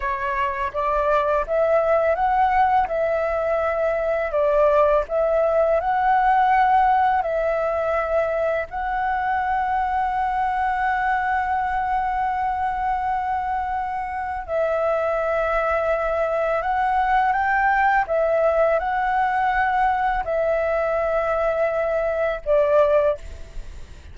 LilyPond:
\new Staff \with { instrumentName = "flute" } { \time 4/4 \tempo 4 = 83 cis''4 d''4 e''4 fis''4 | e''2 d''4 e''4 | fis''2 e''2 | fis''1~ |
fis''1 | e''2. fis''4 | g''4 e''4 fis''2 | e''2. d''4 | }